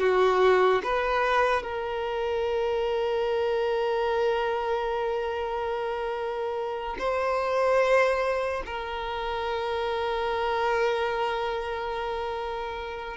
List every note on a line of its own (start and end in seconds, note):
0.00 0.82 F#4
0.84 1.63 B4
1.63 6.97 A#4
6.99 8.63 C5
8.66 13.17 A#4